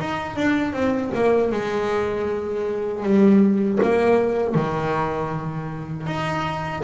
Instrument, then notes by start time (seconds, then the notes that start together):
double bass
0.00 D#4
0.36 D4
0.74 C4
1.15 A#3
1.52 G#3
3.03 G3
3.83 A#3
4.55 D#3
6.07 D#4